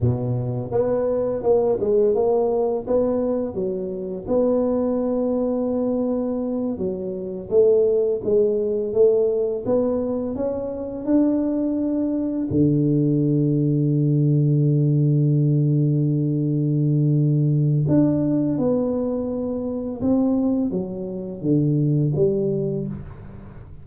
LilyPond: \new Staff \with { instrumentName = "tuba" } { \time 4/4 \tempo 4 = 84 b,4 b4 ais8 gis8 ais4 | b4 fis4 b2~ | b4. fis4 a4 gis8~ | gis8 a4 b4 cis'4 d'8~ |
d'4. d2~ d8~ | d1~ | d4 d'4 b2 | c'4 fis4 d4 g4 | }